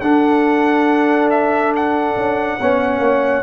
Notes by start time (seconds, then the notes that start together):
0.00 D4 A4 F#5
1.30 E5
1.76 F#5
2.16 C#4
2.59 B3 C#4 C#5
2.99 A#3